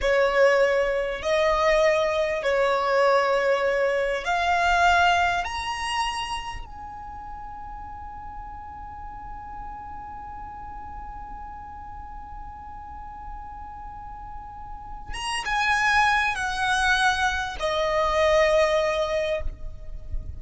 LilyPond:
\new Staff \with { instrumentName = "violin" } { \time 4/4 \tempo 4 = 99 cis''2 dis''2 | cis''2. f''4~ | f''4 ais''2 gis''4~ | gis''1~ |
gis''1~ | gis''1~ | gis''4 ais''8 gis''4. fis''4~ | fis''4 dis''2. | }